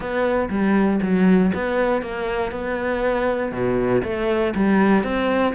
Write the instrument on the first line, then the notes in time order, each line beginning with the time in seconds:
cello
0.00 B3
0.49 G3
1.02 F#3
1.54 B3
2.02 A#3
2.51 B3
3.52 B2
4.03 A3
4.55 G3
5.03 C4